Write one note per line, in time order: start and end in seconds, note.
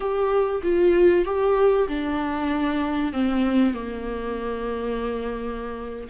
0.00 0.61 G4
0.63 1.25 F4
1.25 1.87 G4
1.88 3.12 D4
3.12 3.73 C4
3.73 6.08 A#3